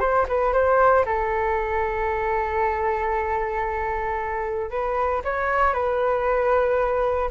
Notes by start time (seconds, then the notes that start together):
0.00 C5
0.28 B4
0.53 C5
1.06 A4
4.70 B4
5.24 C#5
5.73 B4